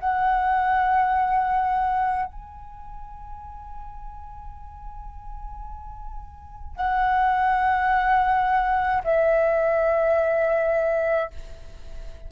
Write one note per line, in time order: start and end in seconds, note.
0.00 2.26 F#5
2.26 6.76 G#5
6.76 9.03 F#5
9.05 11.31 E5